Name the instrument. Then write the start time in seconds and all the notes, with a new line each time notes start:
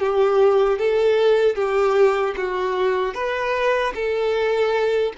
violin
0.00 G4
0.79 A4
1.56 G4
2.37 F#4
3.14 B4
3.95 A4